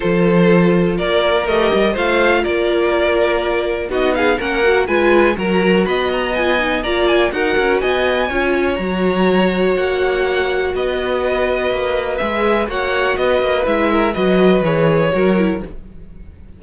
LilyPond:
<<
  \new Staff \with { instrumentName = "violin" } { \time 4/4 \tempo 4 = 123 c''2 d''4 dis''4 | f''4 d''2. | dis''8 f''8 fis''4 gis''4 ais''4 | b''8 ais''8 gis''4 ais''8 gis''8 fis''4 |
gis''2 ais''2 | fis''2 dis''2~ | dis''4 e''4 fis''4 dis''4 | e''4 dis''4 cis''2 | }
  \new Staff \with { instrumentName = "violin" } { \time 4/4 a'2 ais'2 | c''4 ais'2. | fis'8 gis'8 ais'4 b'4 ais'4 | dis''2 d''4 ais'4 |
dis''4 cis''2.~ | cis''2 b'2~ | b'2 cis''4 b'4~ | b'8 ais'8 b'2 ais'4 | }
  \new Staff \with { instrumentName = "viola" } { \time 4/4 f'2. g'4 | f'1 | dis'4 cis'8 fis'8 f'4 fis'4~ | fis'4 f'8 dis'8 f'4 fis'4~ |
fis'4 f'4 fis'2~ | fis'1~ | fis'4 gis'4 fis'2 | e'4 fis'4 gis'4 fis'8 e'8 | }
  \new Staff \with { instrumentName = "cello" } { \time 4/4 f2 ais4 a8 g8 | a4 ais2. | b4 ais4 gis4 fis4 | b2 ais4 dis'8 cis'8 |
b4 cis'4 fis2 | ais2 b2 | ais4 gis4 ais4 b8 ais8 | gis4 fis4 e4 fis4 | }
>>